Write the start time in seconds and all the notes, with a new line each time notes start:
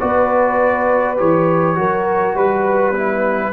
0.00 B3 F#4 B4 D5
1.17 E3 G4 C#5
1.76 F#3 F#4 A#4
2.35 G3 B4
2.91 B3 E4